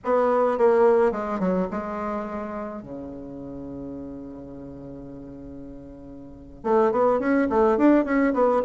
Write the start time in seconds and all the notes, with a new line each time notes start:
0.04 B3
0.58 A#3
1.11 G#3
1.39 F#3
1.70 G#3
2.82 C#3
6.63 A3
6.91 B3
7.19 C#4
7.49 A3
7.77 D4
8.04 C#4
8.33 B3